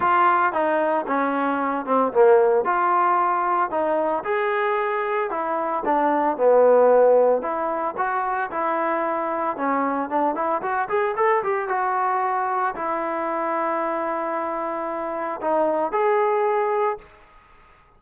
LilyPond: \new Staff \with { instrumentName = "trombone" } { \time 4/4 \tempo 4 = 113 f'4 dis'4 cis'4. c'8 | ais4 f'2 dis'4 | gis'2 e'4 d'4 | b2 e'4 fis'4 |
e'2 cis'4 d'8 e'8 | fis'8 gis'8 a'8 g'8 fis'2 | e'1~ | e'4 dis'4 gis'2 | }